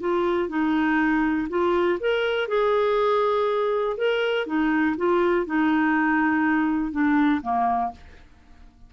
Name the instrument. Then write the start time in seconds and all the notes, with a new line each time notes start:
clarinet
0.00 F4
0.49 D#4
1.49 F4
2.00 A#4
2.48 G#4
3.97 A#4
4.46 D#4
4.97 F4
5.46 D#4
6.92 D4
7.42 A#3